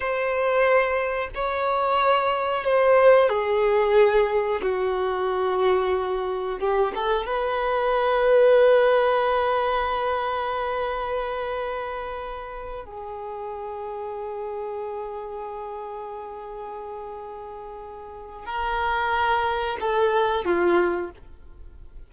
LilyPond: \new Staff \with { instrumentName = "violin" } { \time 4/4 \tempo 4 = 91 c''2 cis''2 | c''4 gis'2 fis'4~ | fis'2 g'8 a'8 b'4~ | b'1~ |
b'2.~ b'8 gis'8~ | gis'1~ | gis'1 | ais'2 a'4 f'4 | }